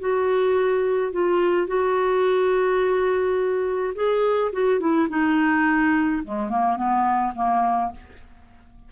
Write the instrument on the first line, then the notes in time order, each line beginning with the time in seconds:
clarinet
0.00 F#4
1.12 F4
1.67 F#4
3.95 G#4
4.53 F#4
4.80 E4
5.09 D#4
6.24 G#3
6.49 A#3
6.76 B3
7.35 A#3